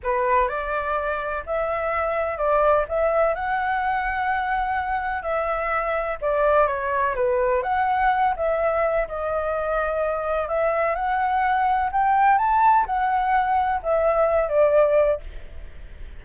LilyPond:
\new Staff \with { instrumentName = "flute" } { \time 4/4 \tempo 4 = 126 b'4 d''2 e''4~ | e''4 d''4 e''4 fis''4~ | fis''2. e''4~ | e''4 d''4 cis''4 b'4 |
fis''4. e''4. dis''4~ | dis''2 e''4 fis''4~ | fis''4 g''4 a''4 fis''4~ | fis''4 e''4. d''4. | }